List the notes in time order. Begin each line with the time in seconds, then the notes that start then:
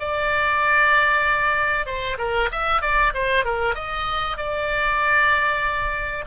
0.00 D5
1.86 C5
2.18 A#4
2.52 E5
2.82 D5
3.14 C5
3.45 A#4
3.75 D#5
4.38 D5